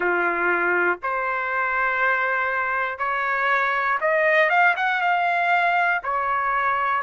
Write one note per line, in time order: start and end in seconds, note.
0.00 0.99 F4
1.02 2.98 C5
2.98 3.98 C#5
4.00 4.49 D#5
4.49 4.74 F5
4.76 5.01 F#5
5.01 6.01 F5
6.03 7.02 C#5